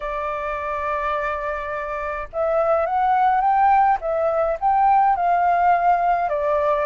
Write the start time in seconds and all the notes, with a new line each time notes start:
0.00 D5
2.32 E5
2.86 F#5
3.41 G5
4.00 E5
4.60 G5
5.16 F5
6.29 D5